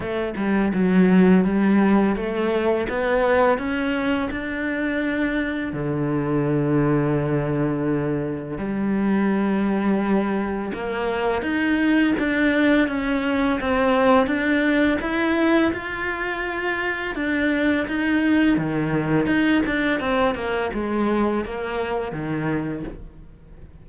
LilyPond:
\new Staff \with { instrumentName = "cello" } { \time 4/4 \tempo 4 = 84 a8 g8 fis4 g4 a4 | b4 cis'4 d'2 | d1 | g2. ais4 |
dis'4 d'4 cis'4 c'4 | d'4 e'4 f'2 | d'4 dis'4 dis4 dis'8 d'8 | c'8 ais8 gis4 ais4 dis4 | }